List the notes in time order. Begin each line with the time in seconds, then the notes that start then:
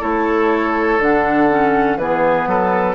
0.00 A3 E4 A4 C#5
0.99 D3 D4 F#5
1.50 C#4
1.97 E3 B3 G#4 B4
2.46 F#3 A4